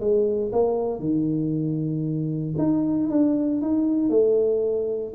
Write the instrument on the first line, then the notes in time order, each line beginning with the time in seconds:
tuba
0.00 G#3
0.52 A#3
1.00 D#3
2.58 D#4
3.10 D4
3.62 D#4
4.10 A3